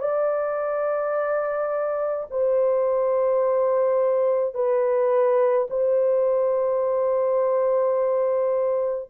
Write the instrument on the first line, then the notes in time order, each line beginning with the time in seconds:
horn
0.00 D5
2.31 C5
4.54 B4
5.70 C5